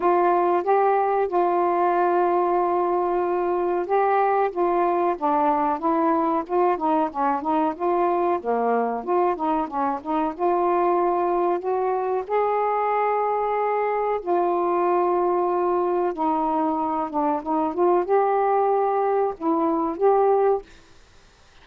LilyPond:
\new Staff \with { instrumentName = "saxophone" } { \time 4/4 \tempo 4 = 93 f'4 g'4 f'2~ | f'2 g'4 f'4 | d'4 e'4 f'8 dis'8 cis'8 dis'8 | f'4 ais4 f'8 dis'8 cis'8 dis'8 |
f'2 fis'4 gis'4~ | gis'2 f'2~ | f'4 dis'4. d'8 dis'8 f'8 | g'2 e'4 g'4 | }